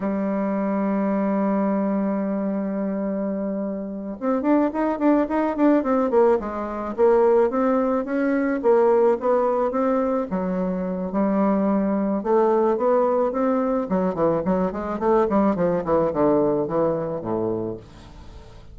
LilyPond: \new Staff \with { instrumentName = "bassoon" } { \time 4/4 \tempo 4 = 108 g1~ | g2.~ g8 c'8 | d'8 dis'8 d'8 dis'8 d'8 c'8 ais8 gis8~ | gis8 ais4 c'4 cis'4 ais8~ |
ais8 b4 c'4 fis4. | g2 a4 b4 | c'4 fis8 e8 fis8 gis8 a8 g8 | f8 e8 d4 e4 a,4 | }